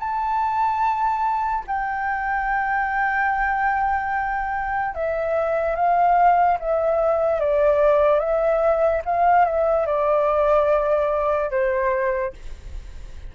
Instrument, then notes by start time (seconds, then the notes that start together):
flute
0.00 A5
1.67 G5
4.95 E5
5.76 F5
6.60 E5
7.41 D5
8.20 E5
9.05 F5
9.46 E5
9.87 D5
11.51 C5